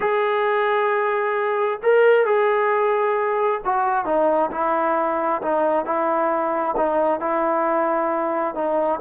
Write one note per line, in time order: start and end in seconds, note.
0.00 1.79 G#4
1.82 2.25 A#4
2.25 3.61 G#4
3.65 4.05 F#4
4.05 4.50 D#4
4.51 5.41 E4
5.41 5.85 D#4
5.85 6.75 E4
6.76 7.20 D#4
7.20 8.54 E4
8.54 9.00 D#4